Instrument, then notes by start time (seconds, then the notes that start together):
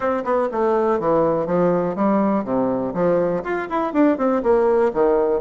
bassoon
0.00 C4
0.24 B3
0.51 A3
0.99 E3
1.46 F3
1.95 G3
2.44 C3
2.94 F3
3.43 F4
3.69 E4
3.93 D4
4.17 C4
4.42 A#3
4.93 D#3